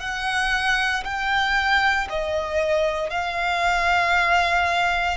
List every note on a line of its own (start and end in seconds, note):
0.00 1.03 F#5
1.04 2.07 G5
2.10 3.10 D#5
3.10 5.17 F5